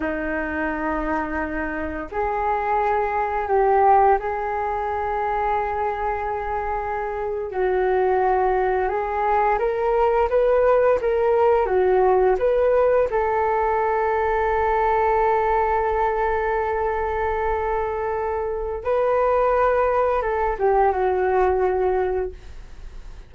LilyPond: \new Staff \with { instrumentName = "flute" } { \time 4/4 \tempo 4 = 86 dis'2. gis'4~ | gis'4 g'4 gis'2~ | gis'2~ gis'8. fis'4~ fis'16~ | fis'8. gis'4 ais'4 b'4 ais'16~ |
ais'8. fis'4 b'4 a'4~ a'16~ | a'1~ | a'2. b'4~ | b'4 a'8 g'8 fis'2 | }